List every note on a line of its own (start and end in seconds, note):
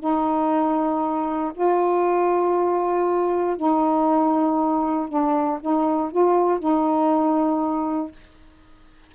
0.00 1.53 D#4
1.54 3.57 F4
3.57 5.09 D#4
5.09 5.60 D4
5.61 6.12 D#4
6.12 6.60 F4
6.60 8.12 D#4